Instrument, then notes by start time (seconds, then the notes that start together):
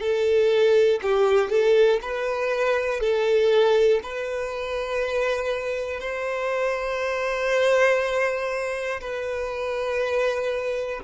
violin
0.00 A4
1.02 G4
1.50 A4
2.02 B4
3.00 A4
4.03 B4
6.00 C5
9.01 B4